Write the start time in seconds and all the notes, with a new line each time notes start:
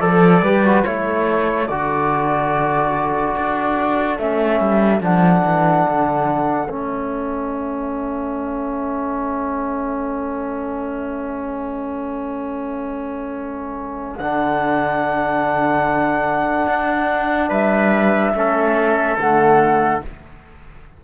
0.00 F3 A4 D5
0.42 G3 G4 B4
0.65 F#4
0.84 A3 E4 A4 C#5
1.67 D3 F#4 D5
3.37 D4
4.18 A3 C#4 E5
4.60 G3
5.00 F3 D4 F#5
5.44 E3
5.86 D3
6.69 A3 C#4 E5
14.17 D3 D4 F#5
16.67 D4
17.49 G3 B4 E5
18.34 A3 C#4 A4
19.18 D3 A3 F#5